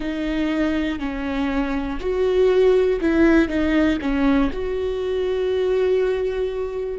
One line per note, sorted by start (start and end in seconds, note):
0.00 0.99 D#4
0.99 1.99 C#4
2.00 3.00 F#4
3.00 3.48 E4
3.48 3.98 D#4
4.01 4.51 C#4
4.52 6.99 F#4